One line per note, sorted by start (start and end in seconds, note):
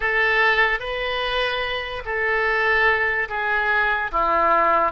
0.00 0.79 A4
0.79 2.02 B4
2.05 3.28 A4
3.29 4.11 G#4
4.11 4.91 E4